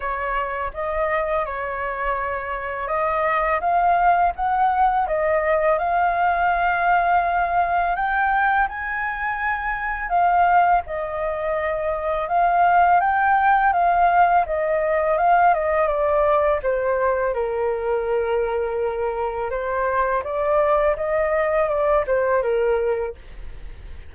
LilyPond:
\new Staff \with { instrumentName = "flute" } { \time 4/4 \tempo 4 = 83 cis''4 dis''4 cis''2 | dis''4 f''4 fis''4 dis''4 | f''2. g''4 | gis''2 f''4 dis''4~ |
dis''4 f''4 g''4 f''4 | dis''4 f''8 dis''8 d''4 c''4 | ais'2. c''4 | d''4 dis''4 d''8 c''8 ais'4 | }